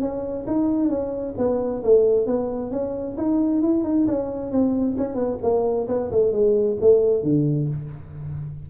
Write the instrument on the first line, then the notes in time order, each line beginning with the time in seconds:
tuba
0.00 C#4
0.46 D#4
0.89 C#4
1.37 B3
1.83 A3
2.26 B3
2.71 C#4
3.17 D#4
3.62 E4
3.84 D#4
4.07 C#4
4.51 C4
4.97 C#4
5.15 B3
5.42 A#3
5.88 B3
6.11 A3
6.32 G#3
6.81 A3
7.23 D3